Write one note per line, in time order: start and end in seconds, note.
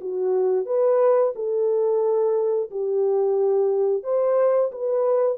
0.00 0.65 F#4
0.65 1.33 B4
1.35 2.70 A4
2.70 4.03 G4
4.03 4.70 C5
4.71 5.37 B4